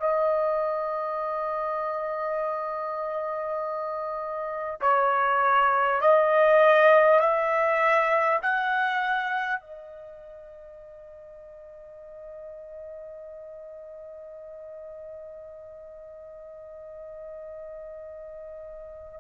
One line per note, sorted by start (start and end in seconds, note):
0.00 4.80 D#5
4.82 6.02 C#5
6.02 7.20 D#5
7.20 8.40 E5
8.43 9.61 F#5
9.61 19.21 D#5